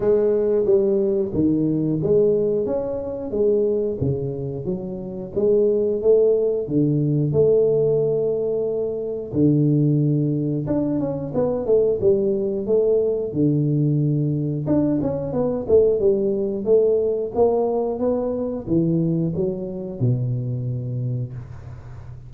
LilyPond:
\new Staff \with { instrumentName = "tuba" } { \time 4/4 \tempo 4 = 90 gis4 g4 dis4 gis4 | cis'4 gis4 cis4 fis4 | gis4 a4 d4 a4~ | a2 d2 |
d'8 cis'8 b8 a8 g4 a4 | d2 d'8 cis'8 b8 a8 | g4 a4 ais4 b4 | e4 fis4 b,2 | }